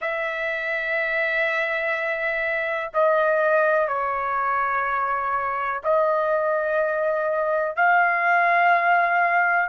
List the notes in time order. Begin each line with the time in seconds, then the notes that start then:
0.00 E5
2.93 D#5
3.88 C#5
5.83 D#5
7.76 F5